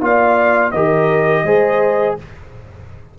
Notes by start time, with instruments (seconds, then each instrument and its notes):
0.00 tuba A#3, trombone F4, horn D5, trumpet F5
0.71 tuba D#3, trombone G4, horn A#4, trumpet D#5
1.44 tuba G#3, trombone G#4, horn C5